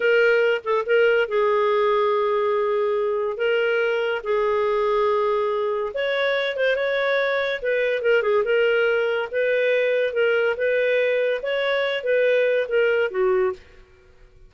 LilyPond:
\new Staff \with { instrumentName = "clarinet" } { \time 4/4 \tempo 4 = 142 ais'4. a'8 ais'4 gis'4~ | gis'1 | ais'2 gis'2~ | gis'2 cis''4. c''8 |
cis''2 b'4 ais'8 gis'8 | ais'2 b'2 | ais'4 b'2 cis''4~ | cis''8 b'4. ais'4 fis'4 | }